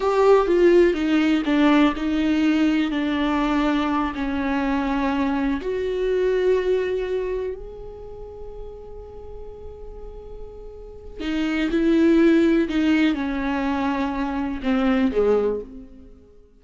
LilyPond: \new Staff \with { instrumentName = "viola" } { \time 4/4 \tempo 4 = 123 g'4 f'4 dis'4 d'4 | dis'2 d'2~ | d'8 cis'2. fis'8~ | fis'2.~ fis'8 gis'8~ |
gis'1~ | gis'2. dis'4 | e'2 dis'4 cis'4~ | cis'2 c'4 gis4 | }